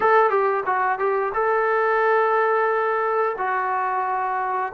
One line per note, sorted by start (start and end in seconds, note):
0.00 0.30 A4
0.30 0.63 G4
0.66 0.98 F#4
0.98 1.32 G4
1.34 3.36 A4
3.38 4.73 F#4